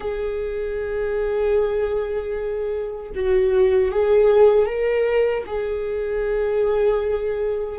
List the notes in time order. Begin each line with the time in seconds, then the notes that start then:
0.00 G#4
3.14 F#4
3.91 G#4
4.66 A#4
5.46 G#4